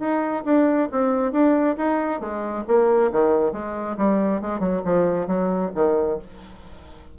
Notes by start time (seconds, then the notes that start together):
0.00 D#4
0.45 D4
0.92 C4
1.32 D4
1.78 D#4
2.21 G#3
2.68 A#3
3.13 D#3
3.53 G#3
3.98 G3
4.42 G#3
4.60 F#3
4.85 F3
5.28 F#3
5.75 D#3